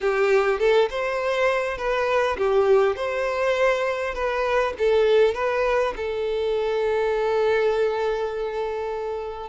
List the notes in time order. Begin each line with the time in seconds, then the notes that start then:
0.01 G4
0.59 A4
0.90 C5
1.77 B4
2.37 G4
2.95 C5
4.14 B4
4.78 A4
5.34 B4
5.96 A4